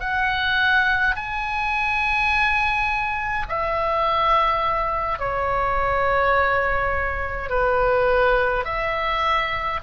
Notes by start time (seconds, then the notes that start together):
0.00 F#5
1.16 G#5
3.49 E5
5.19 C#5
7.49 B4
8.64 E5